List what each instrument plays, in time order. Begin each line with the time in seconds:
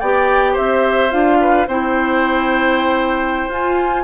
0.00 bassoon B3, clarinet G4, oboe D5, flute G5
0.53 bassoon C4, oboe C5, flute E5
1.11 bassoon D4, clarinet F4, flute F5
1.41 oboe B4
1.68 bassoon C4, clarinet E4, oboe C5, flute G5
3.49 bassoon F4, clarinet F4, flute G#5